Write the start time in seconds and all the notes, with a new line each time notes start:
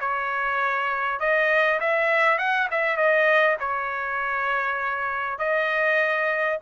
0.00 C#5
1.20 D#5
1.80 E5
2.38 F#5
2.71 E5
2.96 D#5
3.60 C#5
5.39 D#5